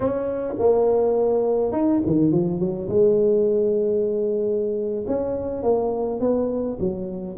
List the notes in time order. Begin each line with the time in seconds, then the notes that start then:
0.00 C#4
0.58 A#3
1.72 D#4
2.06 D#3
2.31 F3
2.59 F#3
2.88 G#3
5.07 C#4
5.62 A#3
6.20 B3
6.79 F#3